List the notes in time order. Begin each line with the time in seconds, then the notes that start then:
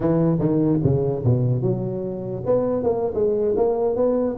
0.00 E3
0.39 D#3
0.83 C#3
1.24 B2
1.62 F#3
2.45 B3
2.83 A#3
3.14 G#3
3.56 A#3
3.95 B3